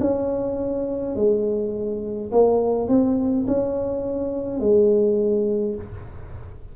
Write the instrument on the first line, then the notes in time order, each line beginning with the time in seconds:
tuba
0.00 C#4
1.16 G#3
2.32 A#3
2.88 C4
3.47 C#4
4.60 G#3